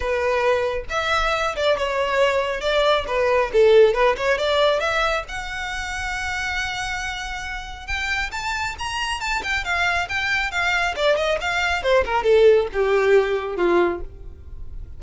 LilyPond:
\new Staff \with { instrumentName = "violin" } { \time 4/4 \tempo 4 = 137 b'2 e''4. d''8 | cis''2 d''4 b'4 | a'4 b'8 cis''8 d''4 e''4 | fis''1~ |
fis''2 g''4 a''4 | ais''4 a''8 g''8 f''4 g''4 | f''4 d''8 dis''8 f''4 c''8 ais'8 | a'4 g'2 f'4 | }